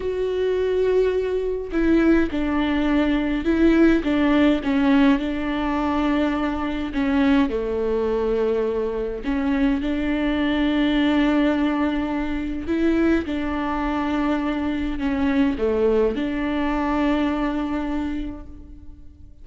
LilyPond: \new Staff \with { instrumentName = "viola" } { \time 4/4 \tempo 4 = 104 fis'2. e'4 | d'2 e'4 d'4 | cis'4 d'2. | cis'4 a2. |
cis'4 d'2.~ | d'2 e'4 d'4~ | d'2 cis'4 a4 | d'1 | }